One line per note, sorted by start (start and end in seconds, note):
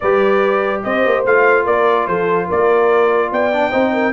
0.00 0.84 G3
0.00 1.26 G4
0.00 0.83 B4
0.00 0.82 D5
0.83 1.05 C4
0.83 1.65 C5
0.83 1.24 D#5
1.05 1.25 A#3
1.25 1.66 A3
1.25 3.52 F4
1.25 1.66 F5
1.65 2.07 A#3
1.65 2.06 A#4
1.65 2.07 D5
2.07 2.48 F3
2.07 2.47 A4
2.07 2.48 C5
2.47 3.31 A#3
2.47 3.30 A#4
2.47 3.33 D5
3.31 3.73 B3
3.31 3.70 D5
3.31 4.12 G5
3.52 3.71 D4
3.70 4.12 C4
3.70 4.12 D#4
3.70 3.91 C5
3.93 4.12 A#4